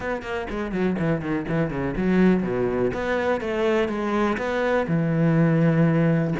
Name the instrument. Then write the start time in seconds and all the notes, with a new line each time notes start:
cello
0.00 B3
0.22 A#3
0.50 G#3
0.71 F#3
0.98 E3
1.21 D#3
1.48 E3
1.70 C#3
1.96 F#3
2.43 B2
2.93 B3
3.40 A3
3.88 G#3
4.37 B3
4.87 E3